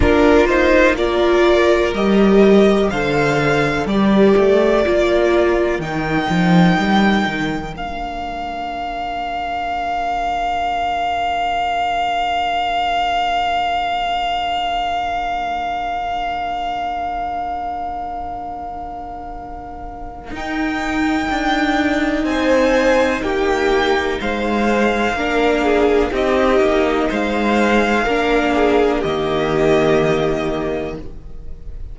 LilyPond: <<
  \new Staff \with { instrumentName = "violin" } { \time 4/4 \tempo 4 = 62 ais'8 c''8 d''4 dis''4 f''4 | d''2 g''2 | f''1~ | f''1~ |
f''1~ | f''4 g''2 gis''4 | g''4 f''2 dis''4 | f''2 dis''2 | }
  \new Staff \with { instrumentName = "violin" } { \time 4/4 f'4 ais'2 c''4 | ais'1~ | ais'1~ | ais'1~ |
ais'1~ | ais'2. c''4 | g'4 c''4 ais'8 gis'8 g'4 | c''4 ais'8 gis'8 g'2 | }
  \new Staff \with { instrumentName = "viola" } { \time 4/4 d'8 dis'8 f'4 g'4 a'4 | g'4 f'4 dis'2 | d'1~ | d'1~ |
d'1~ | d'4 dis'2.~ | dis'2 d'4 dis'4~ | dis'4 d'4 ais2 | }
  \new Staff \with { instrumentName = "cello" } { \time 4/4 ais2 g4 d4 | g8 a8 ais4 dis8 f8 g8 dis8 | ais1~ | ais1~ |
ais1~ | ais4 dis'4 d'4 c'4 | ais4 gis4 ais4 c'8 ais8 | gis4 ais4 dis2 | }
>>